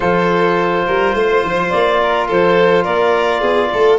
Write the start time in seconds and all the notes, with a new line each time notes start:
0.00 F3 F4 A4 C5
0.86 G3 A#4
1.14 A3 C5
1.43 F3
1.69 A#3 D5
2.01 A#4
2.27 F3 A4 C5
2.83 A#3 A#4 D5
3.40 B3 G#4
3.72 A3 A4